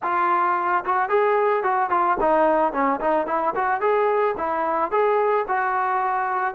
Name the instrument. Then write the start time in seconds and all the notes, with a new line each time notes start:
trombone
0.02 F4
0.84 F#4
1.09 G#4
1.63 F#4
1.90 F4
2.20 D#4
2.72 C#4
3.00 D#4
3.27 E4
3.55 F#4
3.81 G#4
4.37 E4
4.91 G#4
5.48 F#4